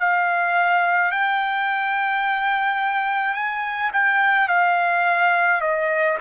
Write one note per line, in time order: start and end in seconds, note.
0.00 1.12 F5
1.12 3.34 G5
3.34 3.91 G#5
3.93 4.48 G5
4.48 5.61 F5
5.61 6.18 D#5